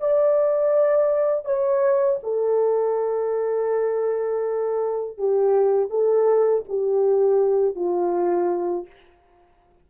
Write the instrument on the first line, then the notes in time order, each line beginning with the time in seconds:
horn
0.00 D5
1.45 C#5
2.23 A4
5.18 G4
5.90 A4
6.68 G4
7.75 F4